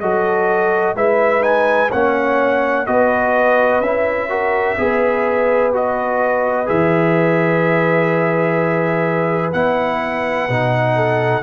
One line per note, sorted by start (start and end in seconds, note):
0.00 0.95 F#3
0.00 0.96 F#4
0.00 0.96 A4
0.00 0.95 D#5
0.95 1.90 G#3
0.95 1.41 E4
0.95 1.90 B4
0.95 1.43 E5
1.41 1.88 D#4
1.41 1.90 G#5
1.90 2.87 A#3
1.90 2.87 C#4
1.90 2.85 C#5
1.90 2.86 F#5
2.86 3.80 B3
2.86 3.82 F#4
2.86 4.29 B4
2.86 3.81 D#5
3.80 4.75 C#4
3.80 4.29 E4
3.80 5.71 E5
4.29 4.77 F#4
4.29 4.77 A#4
4.78 6.68 B3
4.78 5.73 G#4
4.78 10.95 B4
5.73 6.66 F#4
5.73 6.68 D#5
6.66 9.54 E3
6.66 9.52 G#4
6.66 9.53 E5
9.53 10.49 B3
9.53 10.49 E4
9.53 11.42 F#5
10.49 11.42 B2
10.49 11.42 D#4
10.95 11.42 A4